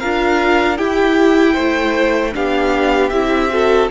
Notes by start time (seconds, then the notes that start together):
0.00 D4 F4 A#4 F5
0.77 E4 G4 G5
1.54 A3 C5
2.33 B3 D4 G4 F5
3.10 C4 E4 E5
3.50 F#4 A4